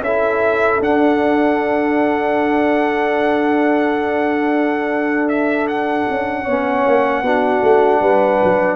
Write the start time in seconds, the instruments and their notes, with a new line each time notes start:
0.00 tuba C#4, trombone E4, horn A4, trumpet E5
0.79 tuba D4, trombone D4, trumpet F#5
5.28 trumpet E5
5.68 trumpet F#5
6.09 tuba C#4
6.42 tuba B3, trombone C#4, horn C#5
6.86 tuba A#3
7.22 tuba B3, trombone D4, horn F#4
7.62 tuba A3
8.00 tuba G3, horn B4
8.43 tuba F#3